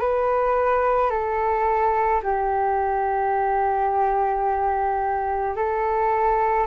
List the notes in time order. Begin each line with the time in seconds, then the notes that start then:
0.00 B4
1.10 A4
2.23 G4
5.56 A4